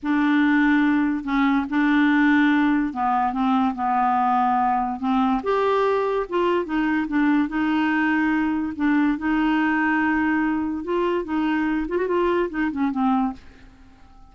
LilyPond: \new Staff \with { instrumentName = "clarinet" } { \time 4/4 \tempo 4 = 144 d'2. cis'4 | d'2. b4 | c'4 b2. | c'4 g'2 f'4 |
dis'4 d'4 dis'2~ | dis'4 d'4 dis'2~ | dis'2 f'4 dis'4~ | dis'8 f'16 fis'16 f'4 dis'8 cis'8 c'4 | }